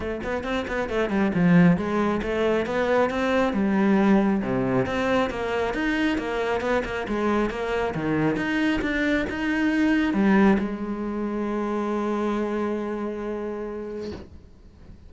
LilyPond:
\new Staff \with { instrumentName = "cello" } { \time 4/4 \tempo 4 = 136 a8 b8 c'8 b8 a8 g8 f4 | gis4 a4 b4 c'4 | g2 c4 c'4 | ais4 dis'4 ais4 b8 ais8 |
gis4 ais4 dis4 dis'4 | d'4 dis'2 g4 | gis1~ | gis1 | }